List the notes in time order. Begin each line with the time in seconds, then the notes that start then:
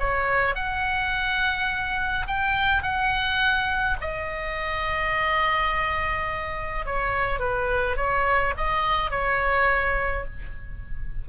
0.00 C#5
0.56 F#5
2.28 G5
2.83 F#5
4.02 D#5
6.86 C#5
7.40 B4
7.97 C#5
8.57 D#5
9.11 C#5